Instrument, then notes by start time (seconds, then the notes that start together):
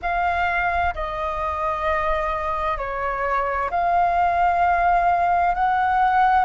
flute
0.02 F5
0.94 D#5
2.77 C#5
3.70 F5
5.54 F#5